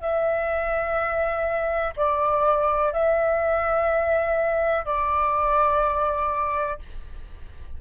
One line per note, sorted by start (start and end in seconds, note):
0.00 1.94 E5
1.96 2.93 D5
2.93 4.85 E5
4.85 6.78 D5